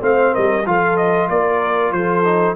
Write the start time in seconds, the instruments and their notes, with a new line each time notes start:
0.00 tuba A3, trombone C4, horn C5, trumpet F5
0.33 tuba G3, horn A#4, trumpet D#5
0.66 tuba F3, trombone F4, horn A4, trumpet F5
0.97 trumpet D#5
1.29 tuba A#3, horn A#4, trumpet D5
1.92 tuba F3, horn A4, trumpet C5
2.24 trombone D#4